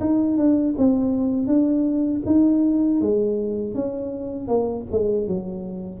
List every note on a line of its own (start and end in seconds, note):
0.00 0.37 D#4
0.37 0.74 D4
0.77 1.47 C4
1.47 2.22 D4
2.25 3.00 D#4
3.01 3.74 G#3
3.74 4.47 C#4
4.47 4.85 A#3
4.91 5.27 G#3
5.27 6.00 F#3